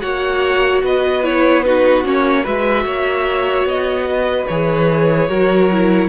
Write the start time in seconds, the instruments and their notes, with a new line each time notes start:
0.00 cello A#3, viola F#4, violin C#5 F#5
0.82 cello B3, violin B4 D#5
1.23 viola E4, violin C#5
1.63 viola D#4, violin F#4 B4
2.04 cello A#3, viola C#4, violin C#5
2.43 cello G#3, viola F#4, violin B4 E5
2.85 cello A#3, violin C#5
3.65 cello B3, violin D#5
4.10 violin B4
4.47 cello E3, viola G#4, violin C#5
5.29 cello F#3, viola F#4, violin A#4
5.71 viola E4